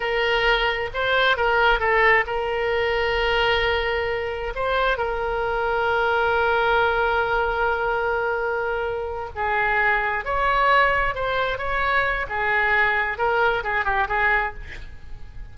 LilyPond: \new Staff \with { instrumentName = "oboe" } { \time 4/4 \tempo 4 = 132 ais'2 c''4 ais'4 | a'4 ais'2.~ | ais'2 c''4 ais'4~ | ais'1~ |
ais'1~ | ais'8 gis'2 cis''4.~ | cis''8 c''4 cis''4. gis'4~ | gis'4 ais'4 gis'8 g'8 gis'4 | }